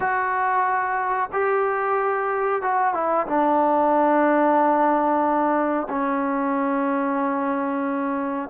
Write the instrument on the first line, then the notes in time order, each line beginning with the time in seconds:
trombone
0.00 F#4
1.32 G4
2.61 F#4
2.93 E4
3.26 D4
5.89 C#4